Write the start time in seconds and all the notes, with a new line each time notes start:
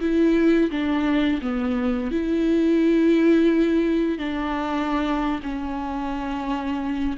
0.00 E4
0.70 D4
1.41 B3
2.11 E4
4.18 D4
5.43 C#4